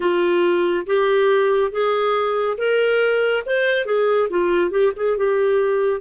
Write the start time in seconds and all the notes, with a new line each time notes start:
0.00 F4
0.86 G4
1.71 G#4
2.57 A#4
3.46 C5
3.85 G#4
4.29 F4
4.70 G4
4.96 G#4
5.17 G4